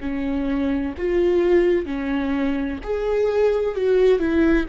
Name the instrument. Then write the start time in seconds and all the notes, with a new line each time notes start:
viola
0.00 C#4
0.98 F4
1.85 C#4
2.83 G#4
3.75 F#4
4.19 E4